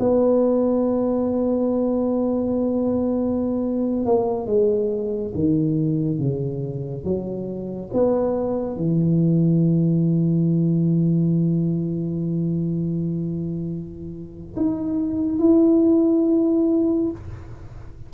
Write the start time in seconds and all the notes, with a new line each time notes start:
0.00 B3
4.06 A#3
4.47 G#3
5.35 D#3
6.19 C#3
7.05 F#3
7.94 B3
8.77 E3
14.57 D#4
15.39 E4